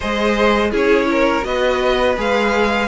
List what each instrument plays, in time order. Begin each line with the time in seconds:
0.00 cello G#3, viola G#4, violin C5 D#5
0.70 cello C#4, viola E4, violin G#4
0.76 violin C#5
1.10 violin A#4
1.42 cello B3, viola F#4, violin B4 D#5
2.17 cello G#3, viola G#4, violin F5